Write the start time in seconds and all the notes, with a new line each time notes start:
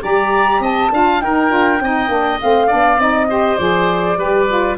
0.00 G3 G4 D5 A#5
0.59 C4 D#5 A5
0.91 D4 F4 F5
1.21 D#4 A#4 G5
1.49 D4 F4
1.79 C4 D#4 D#5
2.08 A#3 D4
2.40 A3 C4 F5
2.67 B3 D4 D5
2.98 C4 D#4 D#5
3.29 G4 C5
3.57 F3 G#4 D5
4.16 G3 G4 B4
4.48 F4